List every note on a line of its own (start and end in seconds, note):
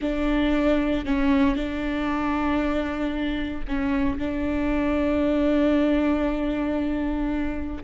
0.01 1.05 D4
1.05 1.56 C#4
1.56 3.64 D4
3.67 4.18 C#4
4.18 7.83 D4